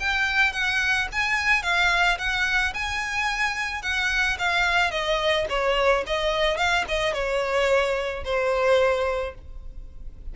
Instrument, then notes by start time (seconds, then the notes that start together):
violin
0.00 G5
0.53 F#5
1.13 G#5
1.63 F5
2.19 F#5
2.74 G#5
3.83 F#5
4.39 F5
4.91 D#5
5.50 C#5
6.07 D#5
6.58 F5
6.89 D#5
7.14 C#5
8.25 C5